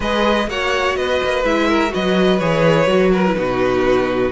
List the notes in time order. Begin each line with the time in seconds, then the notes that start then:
0.00 G#3 G#4 B4 D#5
0.47 A#3 F#4 C#5 F#5
0.96 B3 B4 D#5
1.23 A#3
1.43 G#3 E4 E5
1.68 A#4
1.89 F#4 B4 D#5
1.95 F#3
2.39 E3 G#4 C#5
2.86 F#3 F#4
3.11 A#4 B4
3.27 E4
3.35 B2 D#4 F#4